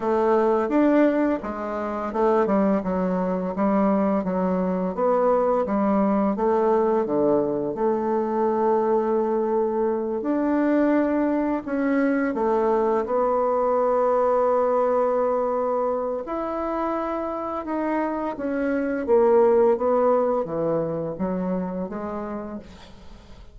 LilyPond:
\new Staff \with { instrumentName = "bassoon" } { \time 4/4 \tempo 4 = 85 a4 d'4 gis4 a8 g8 | fis4 g4 fis4 b4 | g4 a4 d4 a4~ | a2~ a8 d'4.~ |
d'8 cis'4 a4 b4.~ | b2. e'4~ | e'4 dis'4 cis'4 ais4 | b4 e4 fis4 gis4 | }